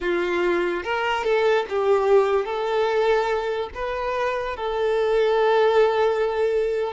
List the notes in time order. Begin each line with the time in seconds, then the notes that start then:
0.00 F4
0.83 A#4
1.24 A4
1.69 G4
2.45 A4
3.74 B4
4.56 A4